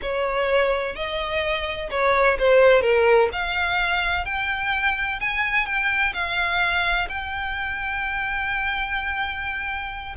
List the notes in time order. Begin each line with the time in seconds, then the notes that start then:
0.02 C#5
0.95 D#5
1.90 C#5
2.38 C5
2.81 A#4
3.32 F5
4.25 G5
5.20 G#5
5.66 G5
6.13 F5
7.08 G5